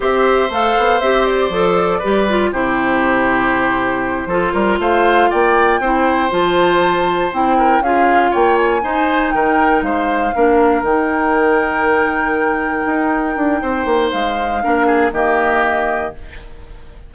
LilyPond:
<<
  \new Staff \with { instrumentName = "flute" } { \time 4/4 \tempo 4 = 119 e''4 f''4 e''8 d''4.~ | d''4 c''2.~ | c''4. f''4 g''4.~ | g''8 a''2 g''4 f''8~ |
f''8 g''8 gis''4. g''4 f''8~ | f''4. g''2~ g''8~ | g''1 | f''2 dis''2 | }
  \new Staff \with { instrumentName = "oboe" } { \time 4/4 c''1 | b'4 g'2.~ | g'8 a'8 ais'8 c''4 d''4 c''8~ | c''2. ais'8 gis'8~ |
gis'8 cis''4 c''4 ais'4 c''8~ | c''8 ais'2.~ ais'8~ | ais'2. c''4~ | c''4 ais'8 gis'8 g'2 | }
  \new Staff \with { instrumentName = "clarinet" } { \time 4/4 g'4 a'4 g'4 a'4 | g'8 f'8 e'2.~ | e'8 f'2. e'8~ | e'8 f'2 e'4 f'8~ |
f'4. dis'2~ dis'8~ | dis'8 d'4 dis'2~ dis'8~ | dis'1~ | dis'4 d'4 ais2 | }
  \new Staff \with { instrumentName = "bassoon" } { \time 4/4 c'4 a8 b8 c'4 f4 | g4 c2.~ | c8 f8 g8 a4 ais4 c'8~ | c'8 f2 c'4 cis'8~ |
cis'8 ais4 dis'4 dis4 gis8~ | gis8 ais4 dis2~ dis8~ | dis4. dis'4 d'8 c'8 ais8 | gis4 ais4 dis2 | }
>>